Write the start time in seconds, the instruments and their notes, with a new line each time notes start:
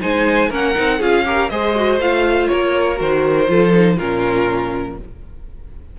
0.00 cello G#3, viola D#4, violin C5 G#5
0.50 cello A#3, viola C#4, violin A#4 F#5
0.75 cello C4, viola D#4
0.99 cello C#4, viola F4, violin G#4 F5
1.25 viola G4, violin A#4
1.49 cello G#3, viola G#4, violin C5 D#5
1.76 viola F#4
1.98 cello A3, viola F4, violin F5
2.48 cello A#3, violin A#4 C#5
2.96 cello D#3, viola F#4, violin C5
3.48 cello F3, viola F4, violin A4
3.74 viola D#4
3.97 cello A#2, viola C#4, violin F4 A#4